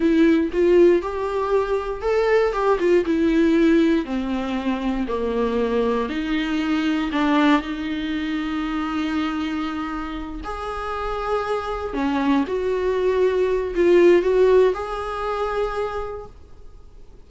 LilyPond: \new Staff \with { instrumentName = "viola" } { \time 4/4 \tempo 4 = 118 e'4 f'4 g'2 | a'4 g'8 f'8 e'2 | c'2 ais2 | dis'2 d'4 dis'4~ |
dis'1~ | dis'8 gis'2. cis'8~ | cis'8 fis'2~ fis'8 f'4 | fis'4 gis'2. | }